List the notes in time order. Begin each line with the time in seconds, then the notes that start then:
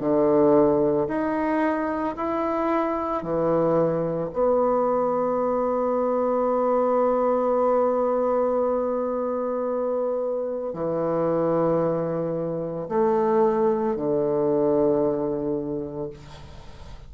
0.00 D3
1.08 D#4
2.16 E4
3.22 E3
4.32 B3
10.73 E3
12.88 A3
13.95 D3